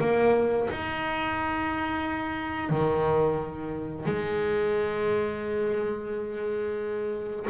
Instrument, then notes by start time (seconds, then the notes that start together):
double bass
0.00 A#3
0.70 D#4
2.69 D#3
4.05 G#3